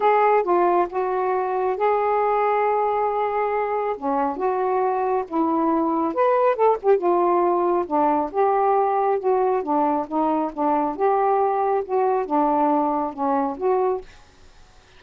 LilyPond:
\new Staff \with { instrumentName = "saxophone" } { \time 4/4 \tempo 4 = 137 gis'4 f'4 fis'2 | gis'1~ | gis'4 cis'4 fis'2 | e'2 b'4 a'8 g'8 |
f'2 d'4 g'4~ | g'4 fis'4 d'4 dis'4 | d'4 g'2 fis'4 | d'2 cis'4 fis'4 | }